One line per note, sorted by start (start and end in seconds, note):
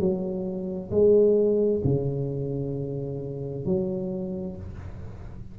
0.00 0.91 F#3
0.91 1.82 G#3
1.85 3.66 C#3
3.66 4.57 F#3